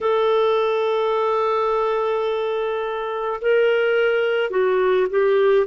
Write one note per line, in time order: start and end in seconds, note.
0.00 3.40 A4
3.41 4.50 A#4
4.50 5.06 F#4
5.09 5.66 G4